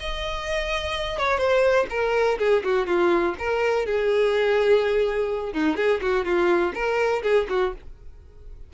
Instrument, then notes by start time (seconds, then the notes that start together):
violin
0.00 D#5
1.18 C#5
1.38 C5
1.90 A#4
2.39 G#4
2.64 F#4
2.87 F4
3.38 A#4
3.86 G#4
5.53 D#4
5.76 G#4
6.01 F#4
6.25 F4
6.74 A#4
7.23 G#4
7.49 F#4